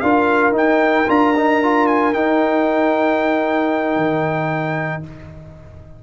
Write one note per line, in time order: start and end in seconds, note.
0.00 0.52 D4
0.00 0.53 F4
0.00 5.04 A#4
0.00 0.53 F5
0.52 1.05 D#4
0.52 1.10 G5
1.08 2.14 D4
1.08 1.34 F4
1.08 1.87 A#5
1.37 1.63 D#4
1.63 2.14 F4
1.87 2.13 G#5
2.14 5.03 D#4
2.14 3.97 D#4
2.14 5.03 G5
3.97 5.02 D#3